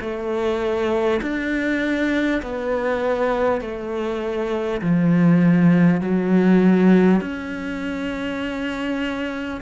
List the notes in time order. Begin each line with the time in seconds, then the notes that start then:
0.00 A3
1.21 D4
2.42 B3
3.61 A3
4.81 F3
6.01 F#3
7.21 C#4